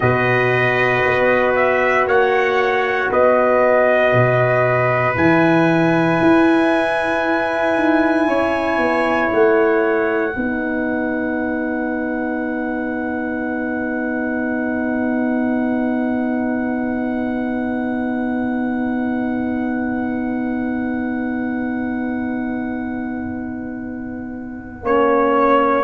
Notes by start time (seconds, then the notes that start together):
0.00 B2 F#4 B4 D#5
1.05 B3
1.55 E5
2.06 A#3 C#5 F#5
3.11 B3 B4 D#5
4.12 B2
5.14 E3 E4 G#5
6.21 E4
7.76 D#4
8.27 C#4 C#5
8.77 B3
9.31 A3 F#5
10.33 B3 D#4 B4
24.83 A#3 C#4 C#5